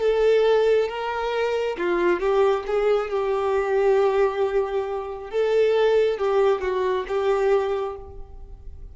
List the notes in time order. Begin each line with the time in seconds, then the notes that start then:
0.00 A4
0.88 A#4
1.78 F4
2.20 G4
2.67 G#4
3.10 G4
5.30 A4
6.18 G4
6.61 F#4
7.08 G4